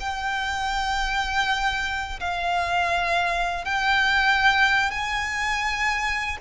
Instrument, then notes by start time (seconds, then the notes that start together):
violin
0.00 G5
2.20 F5
3.65 G5
4.91 G#5